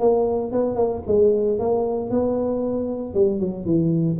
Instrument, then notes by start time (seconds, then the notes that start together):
tuba
0.00 A#3
0.52 B3
0.76 A#3
1.07 G#3
1.60 A#3
2.10 B3
3.15 G3
3.40 F#3
3.66 E3